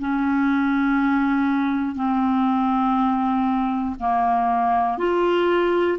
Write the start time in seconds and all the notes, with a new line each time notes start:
0.00 C#4
1.95 C4
4.00 A#3
4.98 F4